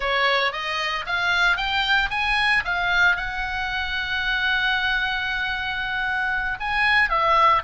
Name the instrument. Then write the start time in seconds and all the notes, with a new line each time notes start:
oboe
0.00 C#5
0.52 D#5
1.06 F5
1.56 G5
2.10 G#5
2.64 F5
3.16 F#5
6.59 G#5
7.09 E5